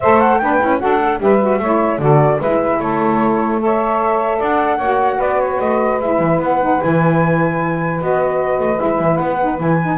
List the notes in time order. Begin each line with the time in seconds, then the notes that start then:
0.00 A3 A4 C5 E5
0.20 F#5
0.38 B3 D4 B4 G5
0.60 C#4 E4
0.79 D4 F#4 A4 F#5
1.01 A4
1.18 G3 G4 B4 E5
1.41 F#4
1.58 A3 E4 C#5
1.98 D3 F#4 A4 D5
2.38 G#3 E4 B4 E5
2.79 A3 A4 C#5
3.59 A4 C#5 E5
4.38 D4 D5 F#5
4.76 A#3 F#4 C#5
5.17 B3 B4 D5
5.40 C#5
5.60 A3 D#5
6.00 G#3 E4 E5
6.19 E3
6.38 B3 F#5
6.60 D#4
6.80 E3 E4 G#5
7.99 B3 F#4 D#5
8.59 A3
8.76 G#3 E4 E5
8.98 E3
9.16 B3 F#5
9.40 D#4
9.58 E3 E4 G#5
9.82 D#4